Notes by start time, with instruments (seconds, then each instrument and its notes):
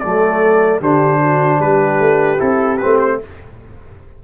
0.00 tuba F#3, trombone A3, horn A4, trumpet D5
0.81 tuba D3, trombone D4, horn G4, trumpet C5
1.21 horn F#4
1.60 tuba G3, horn G4, trumpet B4
1.99 tuba A3
2.38 tuba C4, trombone E4, trumpet A4
2.78 trombone C4, trumpet B4
2.84 tuba A3
2.99 trumpet C5